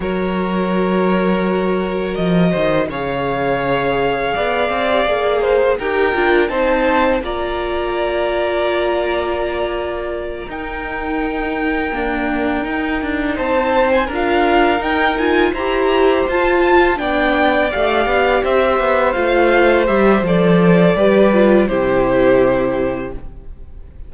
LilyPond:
<<
  \new Staff \with { instrumentName = "violin" } { \time 4/4 \tempo 4 = 83 cis''2. dis''4 | f''1 | g''4 a''4 ais''2~ | ais''2~ ais''8 g''4.~ |
g''2~ g''8 a''8. gis''16 f''8~ | f''8 g''8 gis''8 ais''4 a''4 g''8~ | g''8 f''4 e''4 f''4 e''8 | d''2 c''2 | }
  \new Staff \with { instrumentName = "violin" } { \time 4/4 ais'2.~ ais'8 c''8 | cis''2 d''4. c''8 | ais'4 c''4 d''2~ | d''2~ d''8 ais'4.~ |
ais'2~ ais'8 c''4 ais'8~ | ais'4. c''2 d''8~ | d''4. c''2~ c''8~ | c''4 b'4 g'2 | }
  \new Staff \with { instrumentName = "viola" } { \time 4/4 fis'1 | gis'2~ gis'8. g'16 gis'4 | g'8 f'8 dis'4 f'2~ | f'2~ f'8 dis'4.~ |
dis'8 ais4 dis'2 f'8~ | f'8 dis'8 f'8 g'4 f'4 d'8~ | d'8 g'2 f'4 g'8 | a'4 g'8 f'8 e'2 | }
  \new Staff \with { instrumentName = "cello" } { \time 4/4 fis2. f8 dis8 | cis2 b8 c'8 ais4 | dis'8 d'8 c'4 ais2~ | ais2~ ais8 dis'4.~ |
dis'8 d'4 dis'8 d'8 c'4 d'8~ | d'8 dis'4 e'4 f'4 b8~ | b8 a8 b8 c'8 b8 a4 g8 | f4 g4 c2 | }
>>